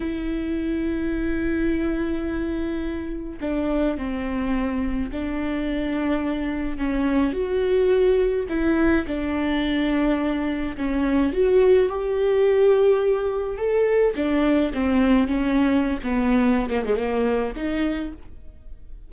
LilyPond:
\new Staff \with { instrumentName = "viola" } { \time 4/4 \tempo 4 = 106 e'1~ | e'2 d'4 c'4~ | c'4 d'2. | cis'4 fis'2 e'4 |
d'2. cis'4 | fis'4 g'2. | a'4 d'4 c'4 cis'4~ | cis'16 b4~ b16 ais16 gis16 ais4 dis'4 | }